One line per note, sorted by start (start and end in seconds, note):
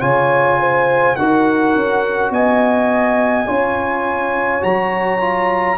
0.00 1.16 C#3
0.00 1.15 F4
0.00 0.58 C#5
0.00 1.15 G#5
0.59 1.17 C5
1.15 1.75 D#4
1.15 3.47 F#4
1.15 2.32 A#4
1.15 2.31 F#5
1.75 2.30 C#4
2.30 3.45 B3
2.30 3.47 D#5
2.30 4.63 G#5
3.47 4.62 C#4
3.47 4.60 F4
3.47 5.77 C#5
4.60 5.77 F#3
4.60 5.18 F#4
4.60 5.77 A#5
5.20 5.77 F4